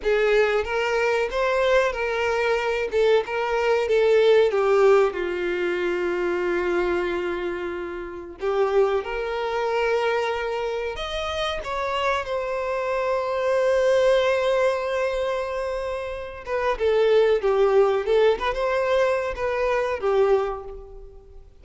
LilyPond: \new Staff \with { instrumentName = "violin" } { \time 4/4 \tempo 4 = 93 gis'4 ais'4 c''4 ais'4~ | ais'8 a'8 ais'4 a'4 g'4 | f'1~ | f'4 g'4 ais'2~ |
ais'4 dis''4 cis''4 c''4~ | c''1~ | c''4. b'8 a'4 g'4 | a'8 b'16 c''4~ c''16 b'4 g'4 | }